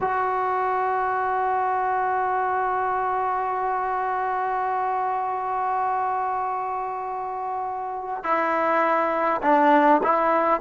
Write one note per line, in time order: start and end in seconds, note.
0.00 8.24 F#4
8.24 9.41 E4
9.42 10.01 D4
10.03 10.60 E4